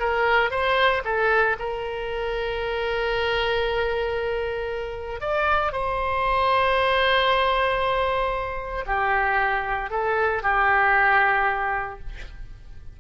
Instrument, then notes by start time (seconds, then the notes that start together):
oboe
0.00 A#4
0.51 C5
1.05 A4
1.59 A#4
5.21 D5
5.72 C5
8.86 G4
9.90 A4
10.43 G4